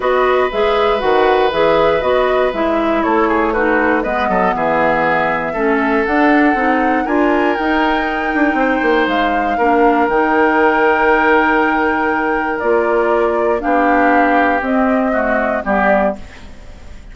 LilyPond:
<<
  \new Staff \with { instrumentName = "flute" } { \time 4/4 \tempo 4 = 119 dis''4 e''4 fis''4 e''4 | dis''4 e''4 cis''4 b'4 | dis''4 e''2. | fis''2 gis''4 g''4~ |
g''2 f''2 | g''1~ | g''4 d''2 f''4~ | f''4 dis''2 d''4 | }
  \new Staff \with { instrumentName = "oboe" } { \time 4/4 b'1~ | b'2 a'8 gis'8 fis'4 | b'8 a'8 gis'2 a'4~ | a'2 ais'2~ |
ais'4 c''2 ais'4~ | ais'1~ | ais'2. g'4~ | g'2 fis'4 g'4 | }
  \new Staff \with { instrumentName = "clarinet" } { \time 4/4 fis'4 gis'4 fis'4 gis'4 | fis'4 e'2 dis'4 | b2. cis'4 | d'4 dis'4 f'4 dis'4~ |
dis'2. d'4 | dis'1~ | dis'4 f'2 d'4~ | d'4 c'4 a4 b4 | }
  \new Staff \with { instrumentName = "bassoon" } { \time 4/4 b4 gis4 dis4 e4 | b4 gis4 a2 | gis8 fis8 e2 a4 | d'4 c'4 d'4 dis'4~ |
dis'8 d'8 c'8 ais8 gis4 ais4 | dis1~ | dis4 ais2 b4~ | b4 c'2 g4 | }
>>